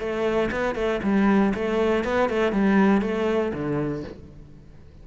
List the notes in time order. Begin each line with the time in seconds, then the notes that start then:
0.00 A3
0.52 B3
0.75 A3
1.04 G3
1.55 A3
2.05 B3
2.30 A3
2.53 G3
3.02 A3
3.54 D3